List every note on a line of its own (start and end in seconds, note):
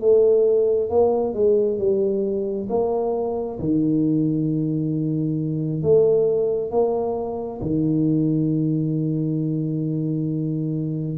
0.00 0.90 A3
0.90 1.34 A#3
1.34 1.78 G#3
1.78 2.68 G3
2.69 3.58 A#3
3.59 5.82 D#3
5.82 6.71 A3
6.71 7.60 A#3
7.61 11.17 D#3